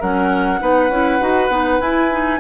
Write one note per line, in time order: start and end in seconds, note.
0.00 0.61 F#3
0.00 0.60 C#4
0.00 0.60 A#4
0.00 1.81 F#5
0.60 0.89 B3
0.60 0.90 D#4
0.60 2.40 B4
0.89 1.19 C#4
0.89 1.21 E4
1.21 1.49 D#4
1.21 1.50 F#4
1.49 1.79 B3
1.49 1.80 D#4
1.80 2.10 E4
1.80 2.40 E4
1.80 2.40 G#5
2.11 2.40 D#4